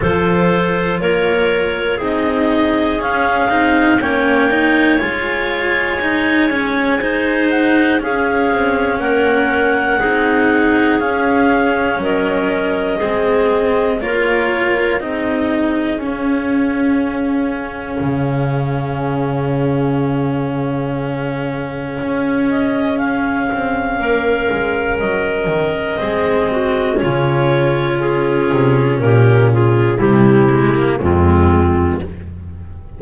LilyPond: <<
  \new Staff \with { instrumentName = "clarinet" } { \time 4/4 \tempo 4 = 60 c''4 cis''4 dis''4 f''4 | g''4 gis''2~ gis''8 fis''8 | f''4 fis''2 f''4 | dis''2 cis''4 dis''4 |
f''1~ | f''2~ f''8 dis''8 f''4~ | f''4 dis''2 cis''4 | gis'4 ais'8 gis'8 g'4 f'4 | }
  \new Staff \with { instrumentName = "clarinet" } { \time 4/4 a'4 ais'4 gis'2 | cis''2. c''4 | gis'4 ais'4 gis'2 | ais'4 gis'4 ais'4 gis'4~ |
gis'1~ | gis'1 | ais'2 gis'8 fis'8 f'4~ | f'4 g'8 f'8 e'4 c'4 | }
  \new Staff \with { instrumentName = "cello" } { \time 4/4 f'2 dis'4 cis'8 dis'8 | cis'8 dis'8 f'4 dis'8 cis'8 dis'4 | cis'2 dis'4 cis'4~ | cis'4 c'4 f'4 dis'4 |
cis'1~ | cis'1~ | cis'2 c'4 cis'4~ | cis'2 g8 gis16 ais16 gis4 | }
  \new Staff \with { instrumentName = "double bass" } { \time 4/4 f4 ais4 c'4 cis'8 c'8 | ais4 gis2. | cis'8 c'8 ais4 c'4 cis'4 | fis4 gis4 ais4 c'4 |
cis'2 cis2~ | cis2 cis'4. c'8 | ais8 gis8 fis8 dis8 gis4 cis4~ | cis8 c8 ais,4 c4 f,4 | }
>>